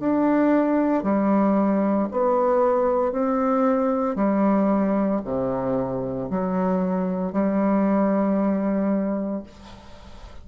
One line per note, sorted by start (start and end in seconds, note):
0.00 1.03 D4
1.03 2.09 G3
2.11 3.12 B3
3.12 4.16 C4
4.16 5.21 G3
5.24 6.30 C3
6.30 7.33 F#3
7.33 9.43 G3